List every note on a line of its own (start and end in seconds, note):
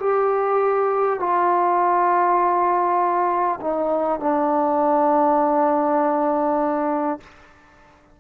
0.00 1.20 G4
1.20 3.60 F4
3.61 4.21 D#4
4.21 7.21 D4